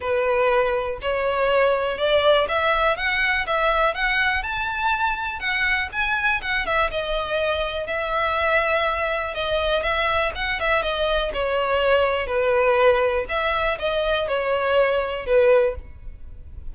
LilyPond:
\new Staff \with { instrumentName = "violin" } { \time 4/4 \tempo 4 = 122 b'2 cis''2 | d''4 e''4 fis''4 e''4 | fis''4 a''2 fis''4 | gis''4 fis''8 e''8 dis''2 |
e''2. dis''4 | e''4 fis''8 e''8 dis''4 cis''4~ | cis''4 b'2 e''4 | dis''4 cis''2 b'4 | }